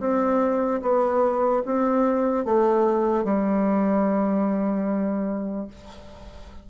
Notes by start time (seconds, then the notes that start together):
0.00 C4
0.82 B3
1.66 C4
2.45 A3
3.24 G3